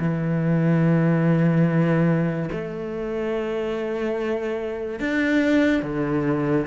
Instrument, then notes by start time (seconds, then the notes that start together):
cello
0.00 E3
2.52 A3
5.00 D4
5.83 D3